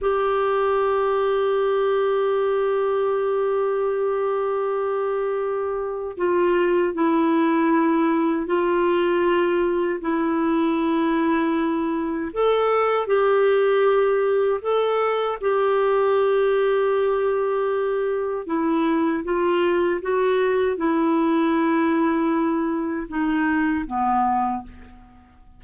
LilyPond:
\new Staff \with { instrumentName = "clarinet" } { \time 4/4 \tempo 4 = 78 g'1~ | g'1 | f'4 e'2 f'4~ | f'4 e'2. |
a'4 g'2 a'4 | g'1 | e'4 f'4 fis'4 e'4~ | e'2 dis'4 b4 | }